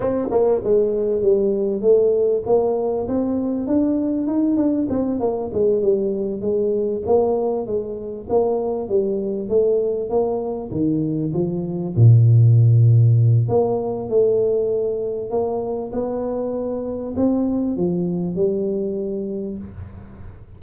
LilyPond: \new Staff \with { instrumentName = "tuba" } { \time 4/4 \tempo 4 = 98 c'8 ais8 gis4 g4 a4 | ais4 c'4 d'4 dis'8 d'8 | c'8 ais8 gis8 g4 gis4 ais8~ | ais8 gis4 ais4 g4 a8~ |
a8 ais4 dis4 f4 ais,8~ | ais,2 ais4 a4~ | a4 ais4 b2 | c'4 f4 g2 | }